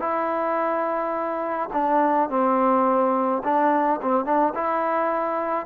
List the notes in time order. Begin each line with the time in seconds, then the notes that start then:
0.00 E4
1.73 D4
2.30 C4
3.44 D4
4.02 C4
4.25 D4
4.55 E4